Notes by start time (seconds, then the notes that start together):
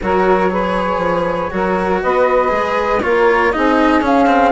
0.02 F#3 F#4 A#4 C#5
0.50 G#4 B4
0.97 F3
1.50 F#3 F#4 A#4
2.02 B3 B4 D#5
2.48 G#3 G#4
3.01 A#3 F4 A#4 C#5
3.52 C4 D#4 G#4 D#5
4.01 C#4 F5
4.26 C4